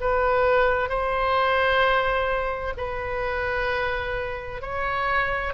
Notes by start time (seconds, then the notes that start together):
0.00 B4
0.89 C5
2.77 B4
4.62 C#5